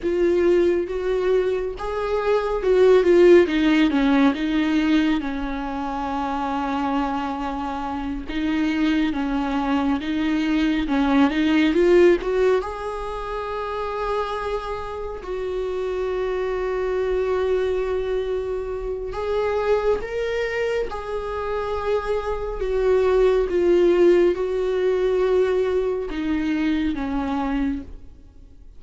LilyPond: \new Staff \with { instrumentName = "viola" } { \time 4/4 \tempo 4 = 69 f'4 fis'4 gis'4 fis'8 f'8 | dis'8 cis'8 dis'4 cis'2~ | cis'4. dis'4 cis'4 dis'8~ | dis'8 cis'8 dis'8 f'8 fis'8 gis'4.~ |
gis'4. fis'2~ fis'8~ | fis'2 gis'4 ais'4 | gis'2 fis'4 f'4 | fis'2 dis'4 cis'4 | }